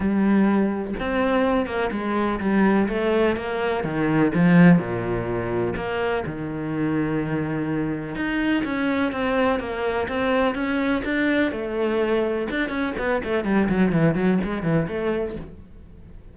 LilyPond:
\new Staff \with { instrumentName = "cello" } { \time 4/4 \tempo 4 = 125 g2 c'4. ais8 | gis4 g4 a4 ais4 | dis4 f4 ais,2 | ais4 dis2.~ |
dis4 dis'4 cis'4 c'4 | ais4 c'4 cis'4 d'4 | a2 d'8 cis'8 b8 a8 | g8 fis8 e8 fis8 gis8 e8 a4 | }